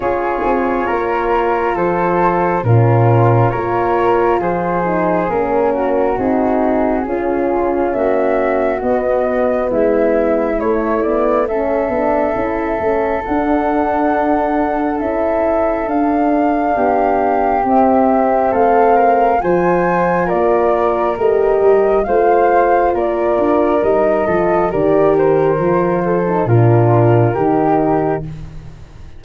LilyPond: <<
  \new Staff \with { instrumentName = "flute" } { \time 4/4 \tempo 4 = 68 cis''2 c''4 ais'4 | cis''4 c''4 ais'4 gis'4~ | gis'4 e''4 dis''4 e''4 | cis''8 d''8 e''2 fis''4~ |
fis''4 e''4 f''2 | e''4 f''4 gis''4 d''4 | dis''4 f''4 d''4 dis''4 | d''8 c''4. ais'2 | }
  \new Staff \with { instrumentName = "flute" } { \time 4/4 gis'4 ais'4 a'4 f'4 | ais'4 gis'4. fis'4. | f'4 fis'2 e'4~ | e'4 a'2.~ |
a'2. g'4~ | g'4 a'8 ais'8 c''4 ais'4~ | ais'4 c''4 ais'4. a'8 | ais'4. a'8 f'4 g'4 | }
  \new Staff \with { instrumentName = "horn" } { \time 4/4 f'2. cis'4 | f'4. dis'8 cis'4 dis'4 | cis'2 b2 | a8 b8 cis'8 d'8 e'8 cis'8 d'4~ |
d'4 e'4 d'2 | c'2 f'2 | g'4 f'2 dis'8 f'8 | g'4 f'8. dis'16 d'4 dis'4 | }
  \new Staff \with { instrumentName = "tuba" } { \time 4/4 cis'8 c'8 ais4 f4 ais,4 | ais4 f4 ais4 c'4 | cis'4 ais4 b4 gis4 | a4. b8 cis'8 a8 d'4~ |
d'4 cis'4 d'4 b4 | c'4 a4 f4 ais4 | a8 g8 a4 ais8 d'8 g8 f8 | dis4 f4 ais,4 dis4 | }
>>